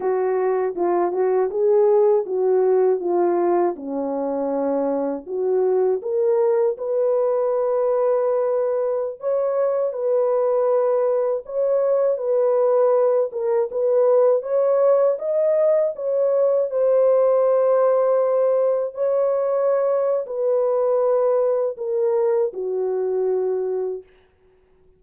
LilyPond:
\new Staff \with { instrumentName = "horn" } { \time 4/4 \tempo 4 = 80 fis'4 f'8 fis'8 gis'4 fis'4 | f'4 cis'2 fis'4 | ais'4 b'2.~ | b'16 cis''4 b'2 cis''8.~ |
cis''16 b'4. ais'8 b'4 cis''8.~ | cis''16 dis''4 cis''4 c''4.~ c''16~ | c''4~ c''16 cis''4.~ cis''16 b'4~ | b'4 ais'4 fis'2 | }